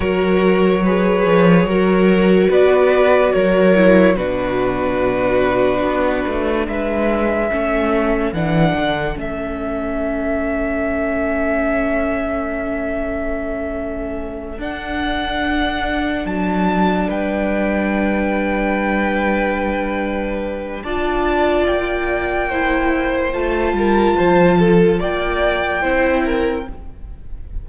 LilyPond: <<
  \new Staff \with { instrumentName = "violin" } { \time 4/4 \tempo 4 = 72 cis''2. d''4 | cis''4 b'2. | e''2 fis''4 e''4~ | e''1~ |
e''4. fis''2 a''8~ | a''8 g''2.~ g''8~ | g''4 a''4 g''2 | a''2 g''2 | }
  \new Staff \with { instrumentName = "violin" } { \time 4/4 ais'4 b'4 ais'4 b'4 | ais'4 fis'2. | b'4 a'2.~ | a'1~ |
a'1~ | a'8 b'2.~ b'8~ | b'4 d''2 c''4~ | c''8 ais'8 c''8 a'8 d''4 c''8 ais'8 | }
  \new Staff \with { instrumentName = "viola" } { \time 4/4 fis'4 gis'4 fis'2~ | fis'8 e'8 d'2.~ | d'4 cis'4 d'4 cis'4~ | cis'1~ |
cis'4. d'2~ d'8~ | d'1~ | d'4 f'2 e'4 | f'2. e'4 | }
  \new Staff \with { instrumentName = "cello" } { \time 4/4 fis4. f8 fis4 b4 | fis4 b,2 b8 a8 | gis4 a4 e8 d8 a4~ | a1~ |
a4. d'2 fis8~ | fis8 g2.~ g8~ | g4 d'4 ais2 | a8 g8 f4 ais4 c'4 | }
>>